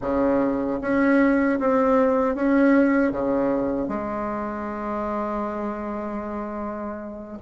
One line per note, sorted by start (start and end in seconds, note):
0.01 0.79 C#3
0.81 1.59 C#4
1.59 2.35 C4
2.35 3.11 C#4
3.11 3.87 C#3
3.87 7.38 G#3